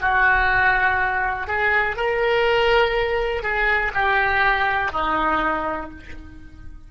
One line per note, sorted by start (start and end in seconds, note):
0.00 1.47 F#4
1.47 1.96 G#4
1.96 3.42 A#4
3.42 3.92 G#4
3.93 4.92 G4
4.92 5.90 D#4